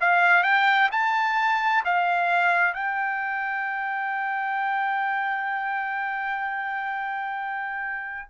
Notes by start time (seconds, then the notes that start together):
0.00 F5
0.43 G5
0.91 A5
1.85 F5
2.74 G5